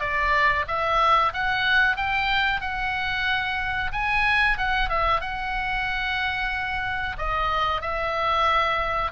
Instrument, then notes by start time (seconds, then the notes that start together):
oboe
0.00 D5
0.68 E5
1.33 F#5
1.96 G5
2.61 F#5
3.92 G#5
4.57 F#5
4.89 E5
5.21 F#5
7.18 D#5
7.81 E5